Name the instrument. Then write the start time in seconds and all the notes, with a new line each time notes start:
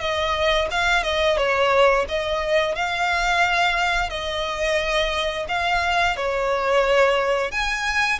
violin
0.00 D#5
0.71 F5
1.03 D#5
1.37 C#5
2.09 D#5
2.75 F5
4.09 D#5
5.49 F5
6.16 C#5
7.51 G#5